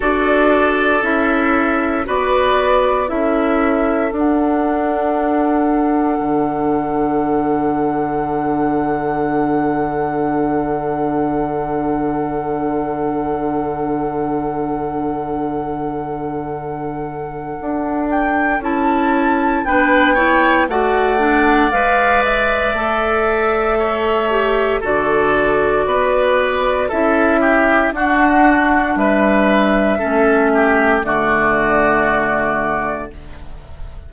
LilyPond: <<
  \new Staff \with { instrumentName = "flute" } { \time 4/4 \tempo 4 = 58 d''4 e''4 d''4 e''4 | fis''1~ | fis''1~ | fis''1~ |
fis''4. g''8 a''4 g''4 | fis''4 f''8 e''2~ e''8 | d''2 e''4 fis''4 | e''2 d''2 | }
  \new Staff \with { instrumentName = "oboe" } { \time 4/4 a'2 b'4 a'4~ | a'1~ | a'1~ | a'1~ |
a'2. b'8 cis''8 | d''2. cis''4 | a'4 b'4 a'8 g'8 fis'4 | b'4 a'8 g'8 fis'2 | }
  \new Staff \with { instrumentName = "clarinet" } { \time 4/4 fis'4 e'4 fis'4 e'4 | d'1~ | d'1~ | d'1~ |
d'2 e'4 d'8 e'8 | fis'8 d'8 b'4 a'4. g'8 | fis'2 e'4 d'4~ | d'4 cis'4 a2 | }
  \new Staff \with { instrumentName = "bassoon" } { \time 4/4 d'4 cis'4 b4 cis'4 | d'2 d2~ | d1~ | d1~ |
d4 d'4 cis'4 b4 | a4 gis4 a2 | d4 b4 cis'4 d'4 | g4 a4 d2 | }
>>